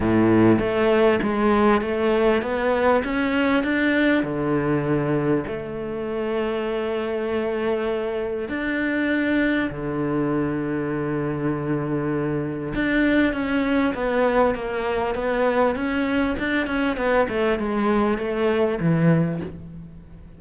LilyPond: \new Staff \with { instrumentName = "cello" } { \time 4/4 \tempo 4 = 99 a,4 a4 gis4 a4 | b4 cis'4 d'4 d4~ | d4 a2.~ | a2 d'2 |
d1~ | d4 d'4 cis'4 b4 | ais4 b4 cis'4 d'8 cis'8 | b8 a8 gis4 a4 e4 | }